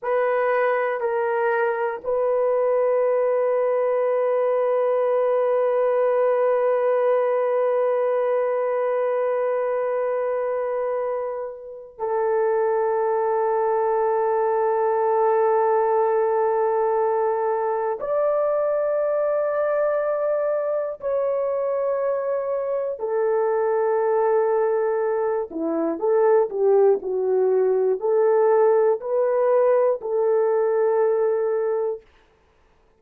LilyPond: \new Staff \with { instrumentName = "horn" } { \time 4/4 \tempo 4 = 60 b'4 ais'4 b'2~ | b'1~ | b'1 | a'1~ |
a'2 d''2~ | d''4 cis''2 a'4~ | a'4. e'8 a'8 g'8 fis'4 | a'4 b'4 a'2 | }